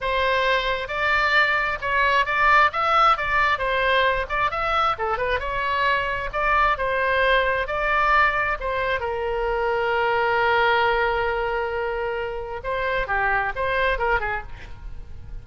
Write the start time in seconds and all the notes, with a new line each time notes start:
0.00 C5
0.88 D5
1.81 C#5
2.25 D5
2.72 E5
3.17 D5
3.58 C5
4.29 D5
4.51 E5
4.98 A4
5.17 B4
5.39 C#5
6.32 D5
6.77 C5
7.67 D5
8.59 C5
9.00 A#4
12.63 C5
13.07 G4
13.55 C5
13.98 A#4
14.20 G#4